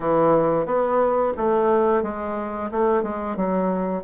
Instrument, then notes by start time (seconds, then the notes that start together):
bassoon
0.00 E3
0.65 B3
1.37 A3
2.03 G#3
2.71 A3
3.02 G#3
3.36 F#3